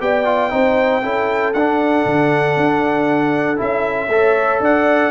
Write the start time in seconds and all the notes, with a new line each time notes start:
0.00 B3 G4 D5 G5
0.25 F4
0.50 C4 D#4 C5
1.02 C#4 E4 A4
1.53 D4 F#5
2.05 D3
2.57 D4
3.56 C#4 E4 E5
4.08 A3 A4 C#5
4.60 D4 D5 F#5